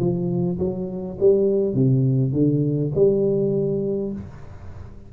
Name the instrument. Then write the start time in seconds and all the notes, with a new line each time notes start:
tuba
0.00 F3
0.59 F#3
1.20 G3
1.75 C3
2.33 D3
2.95 G3